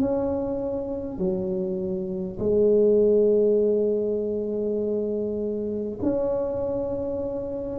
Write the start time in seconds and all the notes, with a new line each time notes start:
0.00 C#4
1.18 F#3
2.39 G#3
6.03 C#4